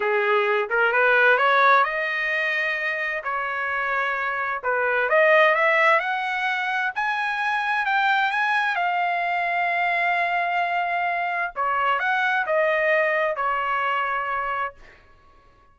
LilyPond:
\new Staff \with { instrumentName = "trumpet" } { \time 4/4 \tempo 4 = 130 gis'4. ais'8 b'4 cis''4 | dis''2. cis''4~ | cis''2 b'4 dis''4 | e''4 fis''2 gis''4~ |
gis''4 g''4 gis''4 f''4~ | f''1~ | f''4 cis''4 fis''4 dis''4~ | dis''4 cis''2. | }